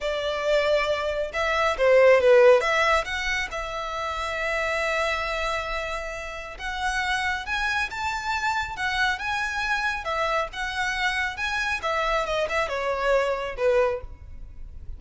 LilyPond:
\new Staff \with { instrumentName = "violin" } { \time 4/4 \tempo 4 = 137 d''2. e''4 | c''4 b'4 e''4 fis''4 | e''1~ | e''2. fis''4~ |
fis''4 gis''4 a''2 | fis''4 gis''2 e''4 | fis''2 gis''4 e''4 | dis''8 e''8 cis''2 b'4 | }